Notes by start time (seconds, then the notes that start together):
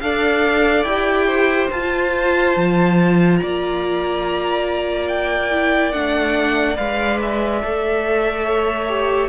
0.00 D4 A4 D5 F5
0.83 E4 G4 G5
1.26 C5
1.70 F4 A5
2.55 F3
3.37 A#3 D5 A#5
5.08 G5
5.51 E4
5.92 A3 D4 F#5
6.76 G#3 B4 F5
7.21 E5
7.61 A3 A4
8.44 C#5
8.88 G4